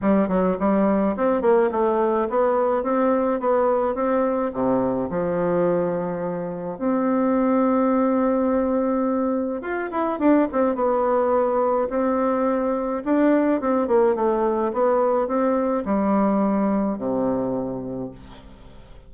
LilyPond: \new Staff \with { instrumentName = "bassoon" } { \time 4/4 \tempo 4 = 106 g8 fis8 g4 c'8 ais8 a4 | b4 c'4 b4 c'4 | c4 f2. | c'1~ |
c'4 f'8 e'8 d'8 c'8 b4~ | b4 c'2 d'4 | c'8 ais8 a4 b4 c'4 | g2 c2 | }